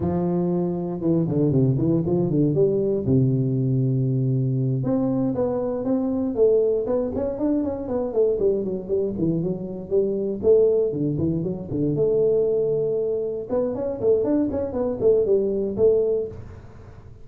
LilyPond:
\new Staff \with { instrumentName = "tuba" } { \time 4/4 \tempo 4 = 118 f2 e8 d8 c8 e8 | f8 d8 g4 c2~ | c4. c'4 b4 c'8~ | c'8 a4 b8 cis'8 d'8 cis'8 b8 |
a8 g8 fis8 g8 e8 fis4 g8~ | g8 a4 d8 e8 fis8 d8 a8~ | a2~ a8 b8 cis'8 a8 | d'8 cis'8 b8 a8 g4 a4 | }